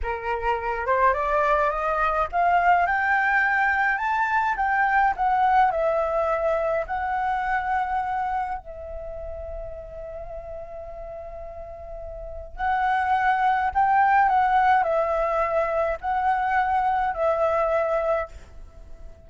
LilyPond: \new Staff \with { instrumentName = "flute" } { \time 4/4 \tempo 4 = 105 ais'4. c''8 d''4 dis''4 | f''4 g''2 a''4 | g''4 fis''4 e''2 | fis''2. e''4~ |
e''1~ | e''2 fis''2 | g''4 fis''4 e''2 | fis''2 e''2 | }